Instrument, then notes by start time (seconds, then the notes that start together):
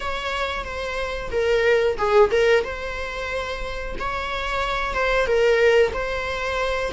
viola
0.00 C#5
0.64 C5
1.31 A#4
1.97 G#4
2.31 A#4
2.63 C5
3.99 C#5
4.94 C5
5.26 A#4
5.93 C5